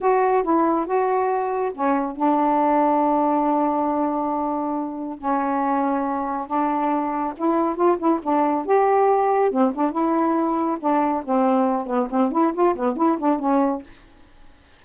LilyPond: \new Staff \with { instrumentName = "saxophone" } { \time 4/4 \tempo 4 = 139 fis'4 e'4 fis'2 | cis'4 d'2.~ | d'1 | cis'2. d'4~ |
d'4 e'4 f'8 e'8 d'4 | g'2 c'8 d'8 e'4~ | e'4 d'4 c'4. b8 | c'8 e'8 f'8 b8 e'8 d'8 cis'4 | }